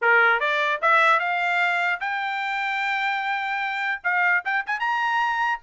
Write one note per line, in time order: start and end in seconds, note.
0.01 0.39 A#4
0.39 0.80 D5
0.81 1.19 E5
1.19 2.00 F5
2.00 4.01 G5
4.03 4.44 F5
4.45 4.65 G5
4.66 4.79 G#5
4.79 5.60 A#5